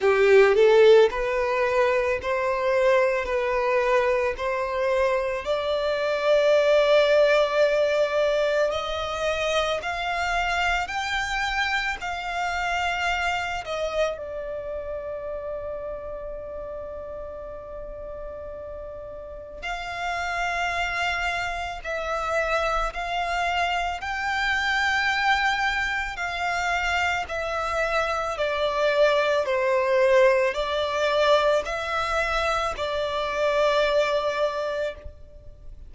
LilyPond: \new Staff \with { instrumentName = "violin" } { \time 4/4 \tempo 4 = 55 g'8 a'8 b'4 c''4 b'4 | c''4 d''2. | dis''4 f''4 g''4 f''4~ | f''8 dis''8 d''2.~ |
d''2 f''2 | e''4 f''4 g''2 | f''4 e''4 d''4 c''4 | d''4 e''4 d''2 | }